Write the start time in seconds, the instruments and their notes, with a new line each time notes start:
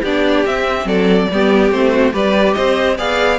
0.00 cello B3, viola D4, violin G4 D5
0.46 cello C4, viola C4, violin E5
0.84 cello F#3, violin A4 D5
1.31 cello G3, viola B3, violin G4
1.71 cello A3, viola C4, violin C5
1.92 violin F#4
2.12 cello G3, viola G4, violin B4 D5
2.53 cello C4, violin C5 D#5
2.97 cello B3, viola G#4, violin D5 F5